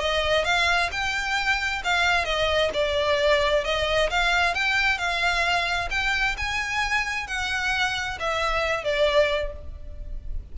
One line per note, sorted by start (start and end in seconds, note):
0.00 0.44 D#5
0.44 0.90 F5
0.91 1.82 G5
1.84 2.25 F5
2.25 2.70 D#5
2.73 3.64 D5
3.64 4.10 D#5
4.10 4.55 F5
4.55 4.98 G5
4.98 5.89 F5
5.90 6.36 G5
6.37 7.27 G#5
7.27 8.18 F#5
8.19 8.84 E5
8.84 9.52 D5